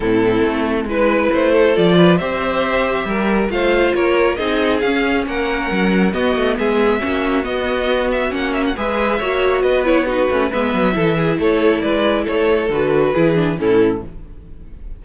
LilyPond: <<
  \new Staff \with { instrumentName = "violin" } { \time 4/4 \tempo 4 = 137 a'2 b'4 c''4 | d''4 e''2. | f''4 cis''4 dis''4 f''4 | fis''2 dis''4 e''4~ |
e''4 dis''4. e''8 fis''8 e''16 fis''16 | e''2 dis''8 cis''8 b'4 | e''2 cis''4 d''4 | cis''4 b'2 a'4 | }
  \new Staff \with { instrumentName = "violin" } { \time 4/4 e'2 b'4. a'8~ | a'8 b'8 c''2 ais'4 | c''4 ais'4 gis'2 | ais'2 fis'4 gis'4 |
fis'1 | b'4 cis''4 b'4 fis'4 | b'4 a'8 gis'8 a'4 b'4 | a'2 gis'4 e'4 | }
  \new Staff \with { instrumentName = "viola" } { \time 4/4 c'2 e'2 | f'4 g'2. | f'2 dis'4 cis'4~ | cis'2 b2 |
cis'4 b2 cis'4 | gis'4 fis'4. e'8 dis'8 cis'8 | b4 e'2.~ | e'4 fis'4 e'8 d'8 cis'4 | }
  \new Staff \with { instrumentName = "cello" } { \time 4/4 a,4 a4 gis4 a4 | f4 c'2 g4 | a4 ais4 c'4 cis'4 | ais4 fis4 b8 a8 gis4 |
ais4 b2 ais4 | gis4 ais4 b4. a8 | gis8 fis8 e4 a4 gis4 | a4 d4 e4 a,4 | }
>>